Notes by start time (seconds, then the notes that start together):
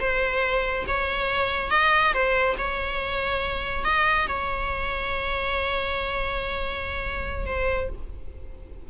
0.00 C5
0.87 C#5
1.70 D#5
2.13 C5
2.58 C#5
3.84 D#5
4.28 C#5
7.46 C5